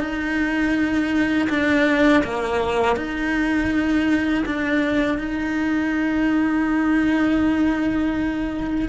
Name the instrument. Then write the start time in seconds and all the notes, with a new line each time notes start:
cello
0.00 D#4
1.49 D4
2.24 A#3
2.96 D#4
4.45 D4
5.18 D#4